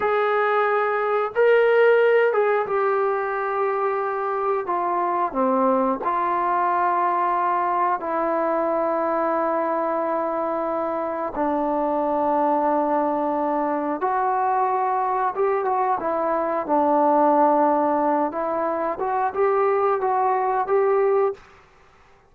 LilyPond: \new Staff \with { instrumentName = "trombone" } { \time 4/4 \tempo 4 = 90 gis'2 ais'4. gis'8 | g'2. f'4 | c'4 f'2. | e'1~ |
e'4 d'2.~ | d'4 fis'2 g'8 fis'8 | e'4 d'2~ d'8 e'8~ | e'8 fis'8 g'4 fis'4 g'4 | }